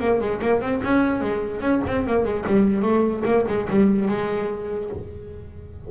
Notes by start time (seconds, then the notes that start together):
0.00 A#3
0.20 G#3
0.42 A#3
0.61 C4
0.83 C#4
1.21 G#3
1.61 C#4
1.87 C4
2.07 A#3
2.24 G#3
2.47 G3
2.82 A3
3.25 A#3
3.48 G#3
3.70 G3
4.08 G#3